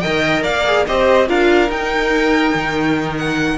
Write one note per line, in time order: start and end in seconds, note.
0.00 0.45 D#3
0.00 0.66 A#4
0.00 0.43 D#5
0.00 0.42 G5
0.43 0.87 A#3
0.43 0.85 D5
0.43 0.85 F5
0.66 0.87 G#4
0.86 1.29 C4
0.86 1.27 G4
0.86 1.28 C5
0.86 1.28 D#5
1.27 1.69 D4
1.27 1.69 F4
1.27 3.58 A#4
1.27 1.71 F5
1.69 2.53 D#4
1.69 3.58 D#4
1.69 3.17 G5
2.54 3.58 D#3
3.17 3.58 F#5